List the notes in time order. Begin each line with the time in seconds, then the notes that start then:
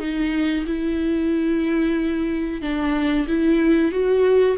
0.00 D#4
0.67 E4
2.62 D4
3.28 E4
3.92 F#4